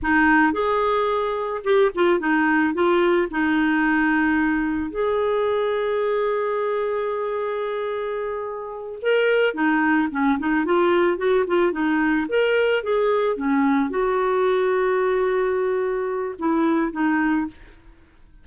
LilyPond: \new Staff \with { instrumentName = "clarinet" } { \time 4/4 \tempo 4 = 110 dis'4 gis'2 g'8 f'8 | dis'4 f'4 dis'2~ | dis'4 gis'2.~ | gis'1~ |
gis'8 ais'4 dis'4 cis'8 dis'8 f'8~ | f'8 fis'8 f'8 dis'4 ais'4 gis'8~ | gis'8 cis'4 fis'2~ fis'8~ | fis'2 e'4 dis'4 | }